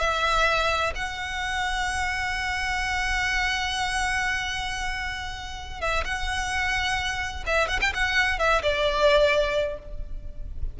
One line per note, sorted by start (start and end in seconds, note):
0.00 0.93 E5
0.95 5.81 F#5
5.81 6.04 E5
6.04 7.44 F#5
7.46 7.68 E5
7.68 7.80 F#5
7.81 7.93 G5
7.94 8.39 F#5
8.39 8.62 E5
8.62 9.79 D5